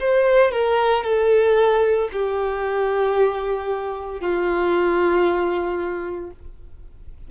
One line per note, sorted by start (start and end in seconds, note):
0.00 0.51 C5
0.51 1.03 A#4
1.03 2.09 A4
2.12 4.20 G4
4.20 6.31 F4